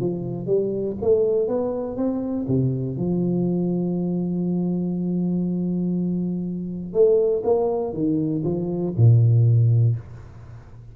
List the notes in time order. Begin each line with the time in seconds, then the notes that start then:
0.00 F3
0.47 G3
1.01 A3
1.48 B3
1.97 C4
2.48 C3
2.97 F3
6.93 A3
7.44 A#3
7.93 D#3
8.44 F3
8.97 A#2